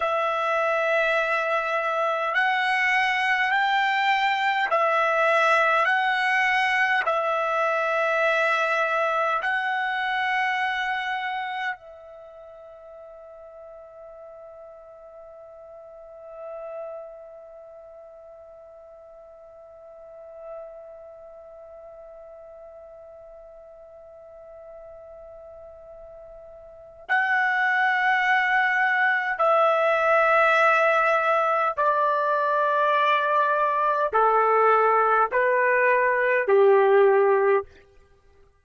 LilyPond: \new Staff \with { instrumentName = "trumpet" } { \time 4/4 \tempo 4 = 51 e''2 fis''4 g''4 | e''4 fis''4 e''2 | fis''2 e''2~ | e''1~ |
e''1~ | e''2. fis''4~ | fis''4 e''2 d''4~ | d''4 a'4 b'4 g'4 | }